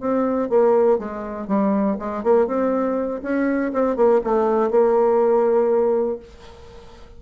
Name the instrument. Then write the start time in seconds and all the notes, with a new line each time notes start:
bassoon
0.00 C4
0.49 A#3
0.98 G#3
1.47 G3
1.99 G#3
2.23 A#3
2.47 C4
3.22 C#4
3.73 C4
3.96 A#3
4.24 A3
4.70 A#3